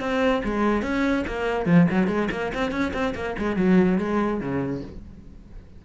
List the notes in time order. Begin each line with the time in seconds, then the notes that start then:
0.00 C4
0.44 G#3
0.82 C#4
1.27 A#3
1.66 F3
1.90 F#3
2.08 G#3
2.31 A#3
2.54 C4
2.71 C#4
2.93 C4
3.15 A#3
3.39 G#3
3.56 F#3
3.98 G#3
4.40 C#3